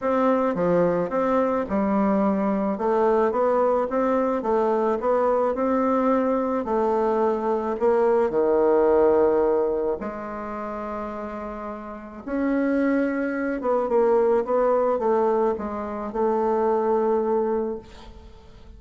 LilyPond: \new Staff \with { instrumentName = "bassoon" } { \time 4/4 \tempo 4 = 108 c'4 f4 c'4 g4~ | g4 a4 b4 c'4 | a4 b4 c'2 | a2 ais4 dis4~ |
dis2 gis2~ | gis2 cis'2~ | cis'8 b8 ais4 b4 a4 | gis4 a2. | }